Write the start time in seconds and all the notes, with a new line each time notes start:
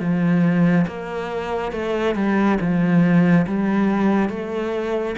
0.00 F3
0.87 A#3
1.72 A3
2.15 G3
2.60 F3
3.47 G3
4.29 A3